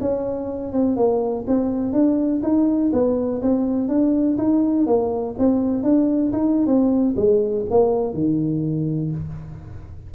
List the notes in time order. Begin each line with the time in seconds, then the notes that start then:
0.00 C#4
0.72 C4
0.96 A#3
1.47 C4
1.93 D4
2.42 D#4
2.92 B3
3.42 C4
3.88 D4
4.37 D#4
4.86 A#3
5.38 C4
5.83 D4
6.32 D#4
6.66 C4
7.16 G#3
7.70 A#3
8.13 D#3